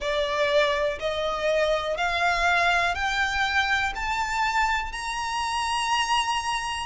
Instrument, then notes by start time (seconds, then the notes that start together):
violin
0.00 D5
0.99 D#5
1.97 F5
2.95 G5
3.95 A5
4.92 A#5